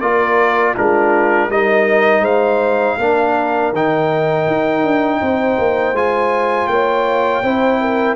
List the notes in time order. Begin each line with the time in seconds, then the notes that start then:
0.00 A#3 F4 A#4 D5
0.74 G#3 D4 F4 A#4
1.50 G3 D#4 A#4 D#5
2.20 G#3 C5 F5
2.98 A#3 D4 A#4
3.73 D#3 D#4 G5
4.47 D#4
4.83 D4
5.21 C4 C5
5.59 A#3
5.93 G#3 F4 G#5
6.67 A#3 C#5 G5
7.43 C4 E4 C5
7.80 A#4